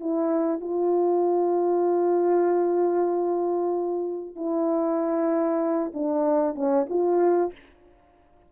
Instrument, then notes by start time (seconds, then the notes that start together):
horn
0.00 E4
0.61 F4
4.36 E4
5.93 D4
6.55 C#4
6.89 F4